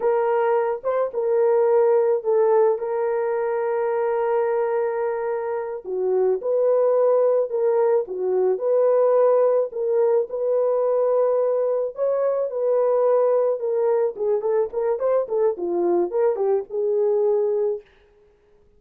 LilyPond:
\new Staff \with { instrumentName = "horn" } { \time 4/4 \tempo 4 = 108 ais'4. c''8 ais'2 | a'4 ais'2.~ | ais'2~ ais'8 fis'4 b'8~ | b'4. ais'4 fis'4 b'8~ |
b'4. ais'4 b'4.~ | b'4. cis''4 b'4.~ | b'8 ais'4 gis'8 a'8 ais'8 c''8 a'8 | f'4 ais'8 g'8 gis'2 | }